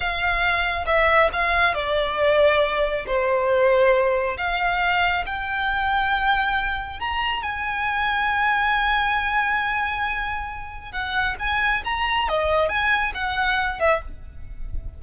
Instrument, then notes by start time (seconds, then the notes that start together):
violin
0.00 F5
0.85 E5
1.32 F5
1.74 D5
3.06 C5
4.37 F5
5.26 G5
6.99 A#5
7.42 G#5
10.92 F#5
11.39 G#5
11.84 A#5
12.28 D#5
12.68 G#5
13.14 F#5
13.79 E5